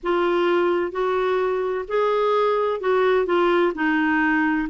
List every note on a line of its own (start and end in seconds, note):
0.03 0.91 F4
0.91 1.85 F#4
1.87 2.80 G#4
2.80 3.26 F#4
3.26 3.72 F4
3.75 4.68 D#4